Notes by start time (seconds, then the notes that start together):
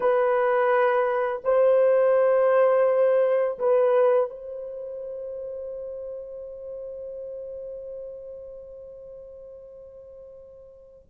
0.00 B4
1.44 C5
3.58 B4
4.30 C5